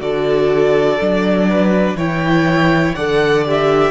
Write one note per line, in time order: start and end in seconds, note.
0.00 0.99 D3
0.00 0.98 F#4
0.00 1.48 A4
0.00 1.97 D5
1.00 1.94 F#3
1.00 1.99 D4
1.48 1.97 B4
1.94 2.93 E3
1.94 2.97 E4
1.94 2.95 C#5
1.94 2.94 G5
2.94 3.91 D3
2.94 3.45 A4
2.94 3.91 D5
2.94 3.44 F#5
3.45 3.91 G4
3.45 3.91 E5